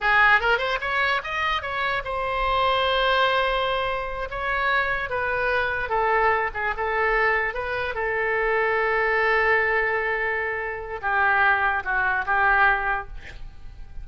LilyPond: \new Staff \with { instrumentName = "oboe" } { \time 4/4 \tempo 4 = 147 gis'4 ais'8 c''8 cis''4 dis''4 | cis''4 c''2.~ | c''2~ c''8 cis''4.~ | cis''8 b'2 a'4. |
gis'8 a'2 b'4 a'8~ | a'1~ | a'2. g'4~ | g'4 fis'4 g'2 | }